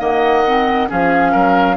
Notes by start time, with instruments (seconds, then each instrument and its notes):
0.00 bassoon D#3, clarinet A#3, oboe D#5, flute F#5
0.47 clarinet C4
0.88 bassoon F3, clarinet C#4, oboe G#4, flute F5
1.32 bassoon F#3, oboe A#4